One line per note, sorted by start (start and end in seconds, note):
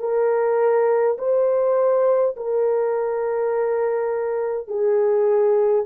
0.00 1.18 A#4
1.18 2.36 C5
2.37 4.68 A#4
4.68 5.86 G#4